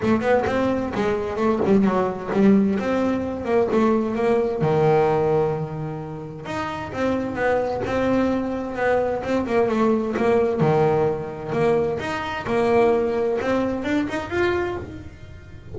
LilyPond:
\new Staff \with { instrumentName = "double bass" } { \time 4/4 \tempo 4 = 130 a8 b8 c'4 gis4 a8 g8 | fis4 g4 c'4. ais8 | a4 ais4 dis2~ | dis2 dis'4 c'4 |
b4 c'2 b4 | c'8 ais8 a4 ais4 dis4~ | dis4 ais4 dis'4 ais4~ | ais4 c'4 d'8 dis'8 f'4 | }